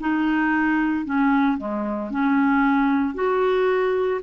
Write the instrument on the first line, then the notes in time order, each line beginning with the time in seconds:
clarinet
0.00 D#4
1.05 C#4
1.57 G#3
2.10 C#4
3.14 F#4